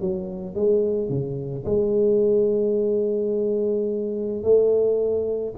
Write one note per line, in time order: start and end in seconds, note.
0.00 0.55 F#3
0.55 1.09 G#3
1.09 1.64 C#3
1.65 4.43 G#3
4.43 5.54 A3